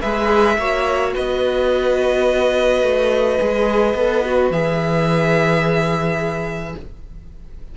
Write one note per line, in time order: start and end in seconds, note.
0.00 0.57 G#3
0.00 0.59 G#4
0.00 0.56 B4
0.00 1.13 E5
0.57 1.13 A#3
0.57 3.39 F#4
0.57 1.13 C#5
1.13 2.82 B3
1.13 6.74 B4
1.13 4.51 D#5
2.82 3.38 A3
3.39 3.94 G#3
3.39 3.95 G#4
3.94 4.50 B3
3.94 4.24 A4
4.25 4.52 F#4
4.50 6.74 E3
4.50 6.77 G#4
4.50 6.75 E5